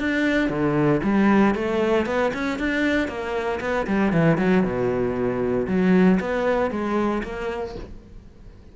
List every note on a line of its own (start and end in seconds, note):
0.00 0.49 D4
0.49 1.01 D3
1.03 1.55 G3
1.55 2.06 A3
2.06 2.32 B3
2.34 2.59 C#4
2.59 3.08 D4
3.08 3.60 A#3
3.61 3.87 B3
3.87 4.13 G3
4.13 4.38 E3
4.38 4.64 F#3
4.64 5.67 B2
5.68 6.20 F#3
6.20 6.71 B3
6.71 7.23 G#3
7.24 7.75 A#3